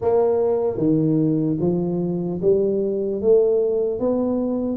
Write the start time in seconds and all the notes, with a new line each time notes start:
0.01 A#3
0.77 D#3
1.60 F3
2.41 G3
3.21 A3
3.99 B3